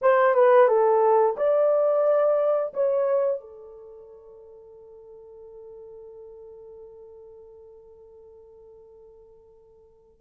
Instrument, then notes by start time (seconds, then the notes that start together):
horn
0.01 C5
0.34 B4
0.68 A4
1.36 D5
2.73 C#5
3.40 A4